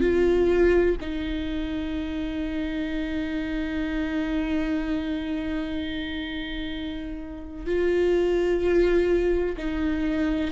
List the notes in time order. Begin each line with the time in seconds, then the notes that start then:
0.00 F4
1.01 D#4
7.66 F4
9.57 D#4